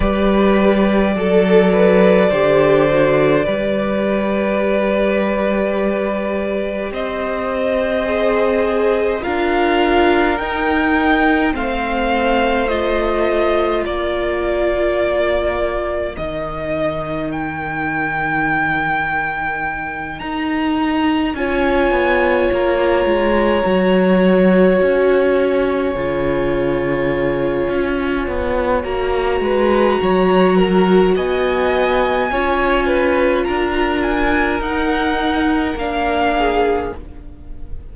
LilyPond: <<
  \new Staff \with { instrumentName = "violin" } { \time 4/4 \tempo 4 = 52 d''1~ | d''2 dis''2 | f''4 g''4 f''4 dis''4 | d''2 dis''4 g''4~ |
g''4. ais''4 gis''4 ais''8~ | ais''4. gis''2~ gis''8~ | gis''4 ais''2 gis''4~ | gis''4 ais''8 gis''8 fis''4 f''4 | }
  \new Staff \with { instrumentName = "violin" } { \time 4/4 b'4 a'8 b'8 c''4 b'4~ | b'2 c''2 | ais'2 c''2 | ais'1~ |
ais'2~ ais'8 cis''4.~ | cis''1~ | cis''4. b'8 cis''8 ais'8 dis''4 | cis''8 b'8 ais'2~ ais'8 gis'8 | }
  \new Staff \with { instrumentName = "viola" } { \time 4/4 g'4 a'4 g'8 fis'8 g'4~ | g'2. gis'4 | f'4 dis'4 c'4 f'4~ | f'2 dis'2~ |
dis'2~ dis'8 f'4.~ | f'8 fis'2 f'4.~ | f'4 fis'2. | f'2 dis'4 d'4 | }
  \new Staff \with { instrumentName = "cello" } { \time 4/4 g4 fis4 d4 g4~ | g2 c'2 | d'4 dis'4 a2 | ais2 dis2~ |
dis4. dis'4 cis'8 b8 ais8 | gis8 fis4 cis'4 cis4. | cis'8 b8 ais8 gis8 fis4 b4 | cis'4 d'4 dis'4 ais4 | }
>>